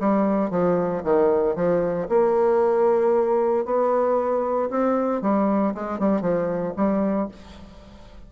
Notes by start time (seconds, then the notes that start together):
0.00 G3
0.51 F3
1.04 D#3
1.56 F3
2.09 A#3
3.65 B3
4.70 C4
5.22 G3
5.74 G#3
5.99 G3
6.21 F3
6.76 G3